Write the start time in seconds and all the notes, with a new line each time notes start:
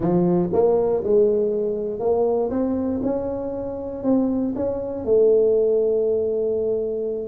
0.00 F3
0.52 A#3
1.03 G#3
1.99 A#3
2.50 C4
3.03 C#4
4.03 C4
4.55 C#4
5.04 A3